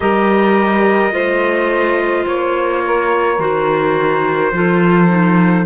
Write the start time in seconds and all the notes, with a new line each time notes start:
0.00 G3 G4 A#4 D#5
1.11 A3 F4 C5
2.25 A#3 C#5
2.85 A#4
3.38 D#3 F#4 C5
4.52 F3 F4 A4
5.08 D#4